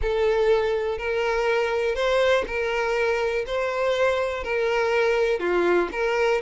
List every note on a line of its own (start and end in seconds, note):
0.01 0.98 A4
0.98 1.95 A#4
1.95 2.44 C5
2.47 3.45 A#4
3.46 4.43 C5
4.43 5.39 A#4
5.39 5.88 F4
5.92 6.41 A#4